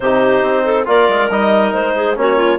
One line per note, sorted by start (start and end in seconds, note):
0.00 0.42 C3
0.00 0.85 D#4
0.00 0.64 G4
0.00 0.86 C5
0.42 0.86 C4
0.64 0.86 A4
0.85 1.09 A#3
0.85 1.28 F4
0.85 1.95 A#4
0.85 1.30 D5
1.09 1.29 G#3
1.29 1.72 G3
1.29 2.16 D#4
1.29 1.73 D#5
1.73 2.16 G#3
1.73 2.16 C5
1.95 2.17 G#4
2.16 2.58 A#3
2.16 2.58 C#4
2.16 2.36 F#4
2.16 2.58 C#5
2.36 2.58 F4